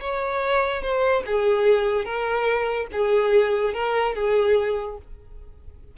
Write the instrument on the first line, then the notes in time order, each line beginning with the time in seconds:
violin
0.00 C#5
0.82 C5
1.26 G#4
2.05 A#4
2.92 G#4
3.74 A#4
4.15 G#4